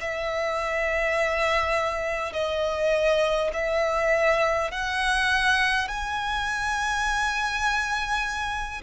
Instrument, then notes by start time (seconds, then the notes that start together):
violin
0.00 E5
2.33 D#5
3.53 E5
4.71 F#5
5.88 G#5